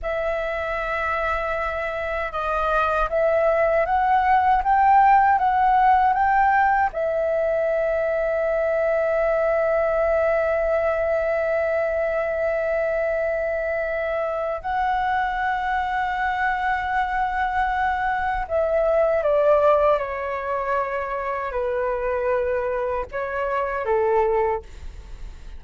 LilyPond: \new Staff \with { instrumentName = "flute" } { \time 4/4 \tempo 4 = 78 e''2. dis''4 | e''4 fis''4 g''4 fis''4 | g''4 e''2.~ | e''1~ |
e''2. fis''4~ | fis''1 | e''4 d''4 cis''2 | b'2 cis''4 a'4 | }